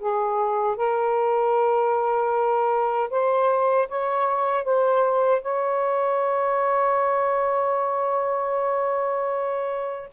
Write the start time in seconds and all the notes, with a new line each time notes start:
0.00 G#4
0.77 A#4
3.11 C5
3.89 C#5
4.65 C5
5.42 C#5